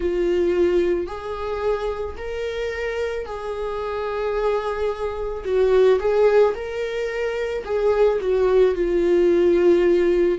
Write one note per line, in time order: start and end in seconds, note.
0.00 1.07 F4
1.07 2.16 G#4
2.17 3.25 A#4
3.25 5.43 G#4
5.44 5.99 F#4
5.99 6.54 G#4
6.55 7.64 A#4
7.64 8.19 G#4
8.20 8.74 F#4
8.74 10.38 F4